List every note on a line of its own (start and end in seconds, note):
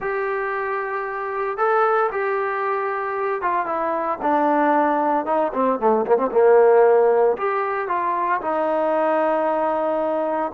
0.00 1.57 G4
1.57 2.10 A4
2.11 3.41 G4
3.41 3.66 F4
3.66 4.18 E4
4.22 5.25 D4
5.25 5.52 D#4
5.53 5.79 C4
5.79 6.05 A3
6.06 6.17 A#3
6.17 6.30 C4
6.31 7.36 A#3
7.37 7.88 G4
7.88 8.40 F4
8.41 10.51 D#4